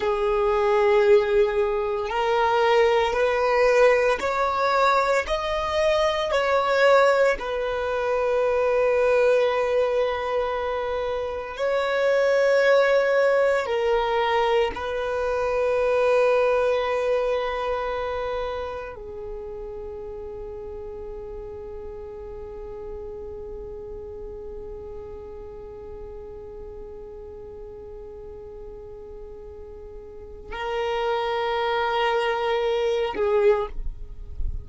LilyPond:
\new Staff \with { instrumentName = "violin" } { \time 4/4 \tempo 4 = 57 gis'2 ais'4 b'4 | cis''4 dis''4 cis''4 b'4~ | b'2. cis''4~ | cis''4 ais'4 b'2~ |
b'2 gis'2~ | gis'1~ | gis'1~ | gis'4 ais'2~ ais'8 gis'8 | }